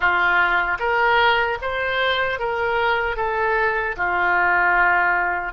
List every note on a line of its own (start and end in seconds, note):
0.00 0.78 F4
0.79 1.58 A#4
1.61 2.39 C5
2.39 3.16 A#4
3.16 3.95 A4
3.96 5.53 F4